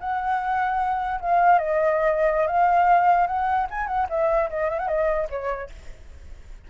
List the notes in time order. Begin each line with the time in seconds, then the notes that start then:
0.00 F#5
1.21 F5
1.59 D#5
2.47 F5
3.27 F#5
3.70 G#5
3.87 F#5
4.09 E5
4.50 D#5
4.70 E5
4.79 F#5
4.88 D#5
5.30 C#5